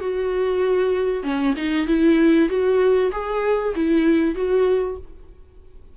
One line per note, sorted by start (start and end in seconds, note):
0.00 1.23 F#4
1.23 1.54 C#4
1.56 1.87 D#4
1.87 2.49 E4
2.49 3.11 F#4
3.12 3.73 G#4
3.75 4.35 E4
4.35 4.97 F#4